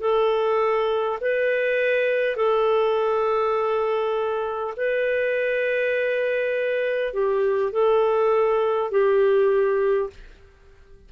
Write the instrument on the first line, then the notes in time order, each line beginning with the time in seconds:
clarinet
0.00 A4
1.20 B4
2.36 A4
4.76 B4
7.13 G4
7.72 A4
8.91 G4